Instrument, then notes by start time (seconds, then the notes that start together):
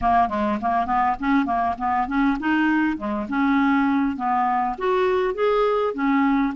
clarinet
0.01 A#3
0.29 G#3
0.61 A#3
0.86 B3
1.19 C#4
1.45 A#3
1.78 B3
2.07 C#4
2.39 D#4
2.97 G#3
3.28 C#4
4.16 B3
4.78 F#4
5.34 G#4
5.94 C#4